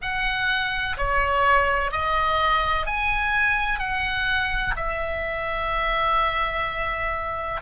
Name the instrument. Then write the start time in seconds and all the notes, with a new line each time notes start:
oboe
0.01 F#5
0.97 C#5
1.91 D#5
2.86 G#5
3.79 F#5
4.76 E5